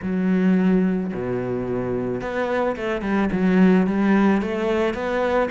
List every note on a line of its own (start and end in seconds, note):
0.02 1.12 F#3
1.13 2.21 B2
2.21 2.76 B3
2.76 3.01 A3
3.01 3.29 G3
3.32 3.86 F#3
3.86 4.41 G3
4.41 4.94 A3
4.94 5.49 B3